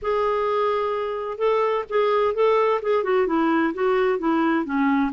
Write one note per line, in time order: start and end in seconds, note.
0.01 1.37 G#4
1.37 1.84 A4
1.89 2.34 G#4
2.34 2.80 A4
2.81 3.03 G#4
3.03 3.27 F#4
3.27 3.73 E4
3.74 4.19 F#4
4.19 4.65 E4
4.65 5.11 C#4